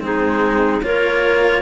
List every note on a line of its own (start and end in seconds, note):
0.00 0.81 G#3
0.00 0.82 C4
0.00 0.85 D#4
0.00 0.84 G#4
0.83 1.62 A#3
0.83 1.62 F4
0.83 1.62 A#4
0.83 1.62 C#5